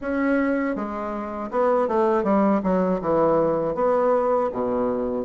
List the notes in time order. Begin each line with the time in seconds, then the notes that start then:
0.01 C#4
0.75 G#3
1.50 B3
1.88 A3
2.23 G3
2.63 F#3
3.01 E3
3.75 B3
4.52 B2